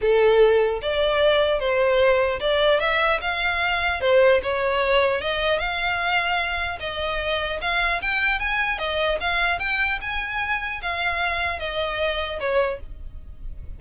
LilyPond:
\new Staff \with { instrumentName = "violin" } { \time 4/4 \tempo 4 = 150 a'2 d''2 | c''2 d''4 e''4 | f''2 c''4 cis''4~ | cis''4 dis''4 f''2~ |
f''4 dis''2 f''4 | g''4 gis''4 dis''4 f''4 | g''4 gis''2 f''4~ | f''4 dis''2 cis''4 | }